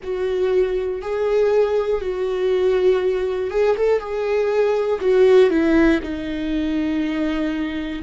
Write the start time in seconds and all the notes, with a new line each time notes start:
0.03 F#4
1.01 G#4
2.00 F#4
3.50 G#4
3.76 A4
4.00 G#4
5.00 F#4
5.50 E4
6.02 D#4